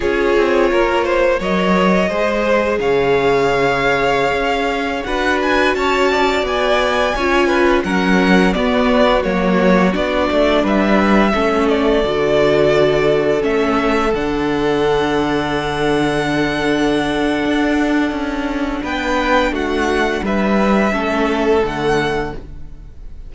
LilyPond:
<<
  \new Staff \with { instrumentName = "violin" } { \time 4/4 \tempo 4 = 86 cis''2 dis''2 | f''2.~ f''16 fis''8 gis''16~ | gis''16 a''4 gis''2 fis''8.~ | fis''16 d''4 cis''4 d''4 e''8.~ |
e''8. d''2~ d''8 e''8.~ | e''16 fis''2.~ fis''8.~ | fis''2. g''4 | fis''4 e''2 fis''4 | }
  \new Staff \with { instrumentName = "violin" } { \time 4/4 gis'4 ais'8 c''8 cis''4 c''4 | cis''2.~ cis''16 b'8.~ | b'16 cis''8 d''4. cis''8 b'8 ais'8.~ | ais'16 fis'2. b'8.~ |
b'16 a'2.~ a'8.~ | a'1~ | a'2. b'4 | fis'4 b'4 a'2 | }
  \new Staff \with { instrumentName = "viola" } { \time 4/4 f'2 ais'4 gis'4~ | gis'2.~ gis'16 fis'8.~ | fis'2~ fis'16 f'4 cis'8.~ | cis'16 b4 ais4 d'4.~ d'16~ |
d'16 cis'4 fis'2 cis'8.~ | cis'16 d'2.~ d'8.~ | d'1~ | d'2 cis'4 a4 | }
  \new Staff \with { instrumentName = "cello" } { \time 4/4 cis'8 c'8 ais4 fis4 gis4 | cis2~ cis16 cis'4 d'8.~ | d'16 cis'4 b4 cis'4 fis8.~ | fis16 b4 fis4 b8 a8 g8.~ |
g16 a4 d2 a8.~ | a16 d2.~ d8.~ | d4 d'4 cis'4 b4 | a4 g4 a4 d4 | }
>>